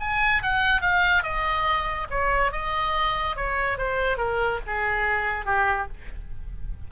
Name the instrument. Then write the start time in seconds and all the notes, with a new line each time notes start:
oboe
0.00 G#5
0.43 F#5
0.81 F5
1.23 D#5
2.10 C#5
2.52 D#5
3.36 C#5
3.78 C5
4.17 A#4
4.66 G#4
5.45 G4